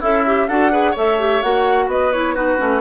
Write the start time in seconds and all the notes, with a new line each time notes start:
0.00 C#4 E4 A4 E5
0.26 G4
0.48 D4 F#4 A4 F#5
0.71 G#4 B4
0.91 A3 A4 C#5
0.97 E5
1.19 G4
1.42 A#3 F#4 F#5
1.87 B3 B4 D#5
2.12 E4 C#5
2.35 D#4 F#4 B4
2.58 A3 C#4